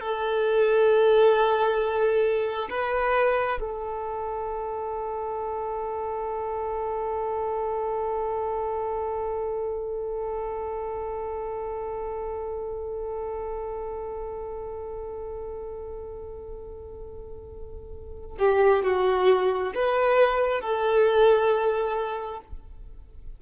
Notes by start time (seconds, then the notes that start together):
0.00 A4
2.70 B4
3.60 A4
18.39 G4
18.83 F#4
19.75 B4
20.61 A4